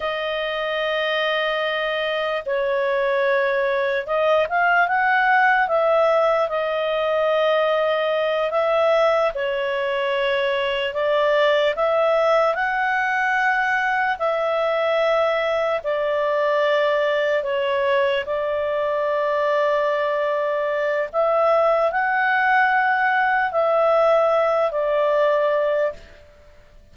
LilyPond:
\new Staff \with { instrumentName = "clarinet" } { \time 4/4 \tempo 4 = 74 dis''2. cis''4~ | cis''4 dis''8 f''8 fis''4 e''4 | dis''2~ dis''8 e''4 cis''8~ | cis''4. d''4 e''4 fis''8~ |
fis''4. e''2 d''8~ | d''4. cis''4 d''4.~ | d''2 e''4 fis''4~ | fis''4 e''4. d''4. | }